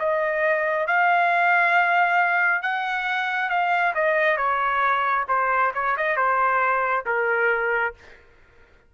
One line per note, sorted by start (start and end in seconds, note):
0.00 0.87 D#5
0.87 2.62 F5
2.62 3.50 F#5
3.50 3.94 F5
3.95 4.37 D#5
4.37 5.25 C#5
5.29 5.73 C5
5.75 5.97 C#5
5.98 6.17 D#5
6.17 7.05 C5
7.06 7.95 A#4